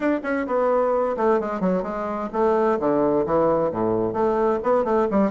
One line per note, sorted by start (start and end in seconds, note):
0.00 0.20 D4
0.23 0.46 C#4
0.46 1.15 B3
1.16 1.40 A3
1.40 1.60 G#3
1.60 1.83 F#3
1.83 2.29 G#3
2.32 2.78 A3
2.79 3.25 D3
3.26 3.71 E3
3.71 4.13 A2
4.13 4.59 A3
4.63 4.84 B3
4.84 5.07 A3
5.10 5.31 G3